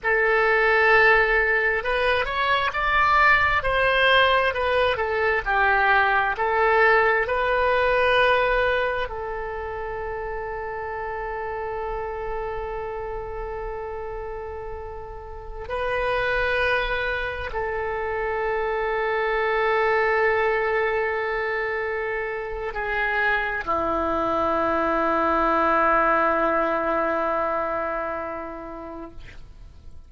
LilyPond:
\new Staff \with { instrumentName = "oboe" } { \time 4/4 \tempo 4 = 66 a'2 b'8 cis''8 d''4 | c''4 b'8 a'8 g'4 a'4 | b'2 a'2~ | a'1~ |
a'4~ a'16 b'2 a'8.~ | a'1~ | a'4 gis'4 e'2~ | e'1 | }